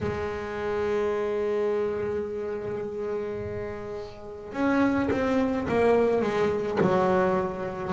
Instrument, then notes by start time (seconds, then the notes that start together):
double bass
0.00 G#3
4.52 C#4
5.10 C4
5.68 A#3
6.21 G#3
6.80 F#3